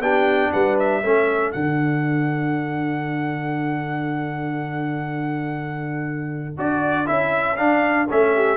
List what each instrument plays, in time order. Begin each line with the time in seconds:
0.00 tuba B3, trombone D4, horn G4, trumpet G5
0.53 tuba G3, horn B4, trumpet F#5
0.80 trumpet E5
1.03 tuba A3, trombone C#4, horn A4
1.52 tuba D3, trombone D4, trumpet F#5
6.58 tuba D4, trombone F#4, trumpet D5
7.06 tuba C#4, trombone E4, trumpet E5
7.57 trombone D4, tuba D4, trumpet F5
8.10 tuba A3, trombone C#4, trumpet E5
8.35 horn G4